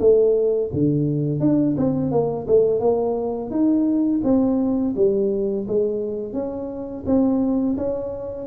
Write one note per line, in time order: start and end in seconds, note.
0.00 0.71 A3
0.73 1.40 D3
1.40 1.76 D4
1.77 2.11 C4
2.11 2.46 A#3
2.47 2.80 A3
2.80 3.50 A#3
3.50 4.21 D#4
4.24 4.94 C4
4.96 5.67 G3
5.68 6.33 G#3
6.33 7.04 C#4
7.06 7.76 C4
7.77 8.47 C#4